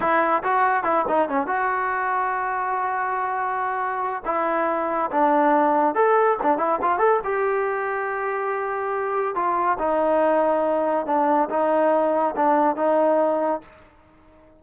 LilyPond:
\new Staff \with { instrumentName = "trombone" } { \time 4/4 \tempo 4 = 141 e'4 fis'4 e'8 dis'8 cis'8 fis'8~ | fis'1~ | fis'2 e'2 | d'2 a'4 d'8 e'8 |
f'8 a'8 g'2.~ | g'2 f'4 dis'4~ | dis'2 d'4 dis'4~ | dis'4 d'4 dis'2 | }